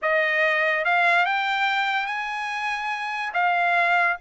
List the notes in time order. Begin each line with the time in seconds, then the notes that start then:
0.02 D#5
0.84 F5
1.25 G5
2.06 G#5
3.33 F5